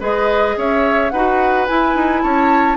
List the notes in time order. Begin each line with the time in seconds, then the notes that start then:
0.00 G#3 G#4 B4 D#5
0.57 C#4 C#5 E5
1.10 D#4 F#4 B4 F#5
1.67 E4 G#5
1.95 D#4
2.22 C#4 C#5 A5